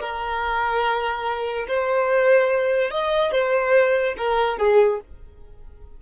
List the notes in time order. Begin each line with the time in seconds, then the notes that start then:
0.00 A#4
1.68 C5
2.91 D#5
3.32 C5
4.17 A#4
4.58 G#4